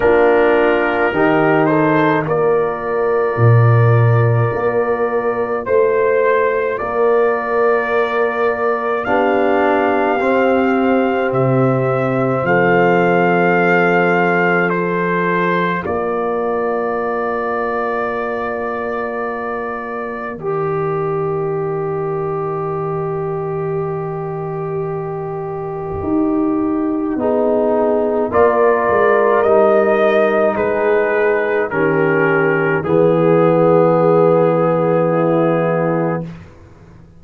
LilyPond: <<
  \new Staff \with { instrumentName = "trumpet" } { \time 4/4 \tempo 4 = 53 ais'4. c''8 d''2~ | d''4 c''4 d''2 | f''2 e''4 f''4~ | f''4 c''4 d''2~ |
d''2 dis''2~ | dis''1~ | dis''4 d''4 dis''4 b'4 | ais'4 gis'2. | }
  \new Staff \with { instrumentName = "horn" } { \time 4/4 f'4 g'8 a'8 ais'2~ | ais'4 c''4 ais'2 | g'2. a'4~ | a'2 ais'2~ |
ais'1~ | ais'1 | gis'4 ais'2 gis'4 | g'4 gis'2 e'4 | }
  \new Staff \with { instrumentName = "trombone" } { \time 4/4 d'4 dis'4 f'2~ | f'1 | d'4 c'2.~ | c'4 f'2.~ |
f'2 g'2~ | g'1 | dis'4 f'4 dis'2 | cis'4 b2. | }
  \new Staff \with { instrumentName = "tuba" } { \time 4/4 ais4 dis4 ais4 ais,4 | ais4 a4 ais2 | b4 c'4 c4 f4~ | f2 ais2~ |
ais2 dis2~ | dis2. dis'4 | b4 ais8 gis8 g4 gis4 | dis4 e2. | }
>>